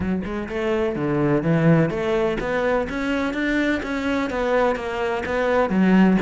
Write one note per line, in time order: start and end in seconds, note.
0.00 0.22 F#3
0.24 0.48 G#3
0.48 0.95 A3
0.95 1.42 D3
1.42 1.90 E3
1.90 2.37 A3
2.40 2.87 B3
2.89 3.33 C#4
3.33 3.81 D4
3.82 4.30 C#4
4.30 4.75 B3
4.75 5.23 A#3
5.25 5.69 B3
5.69 6.17 F#3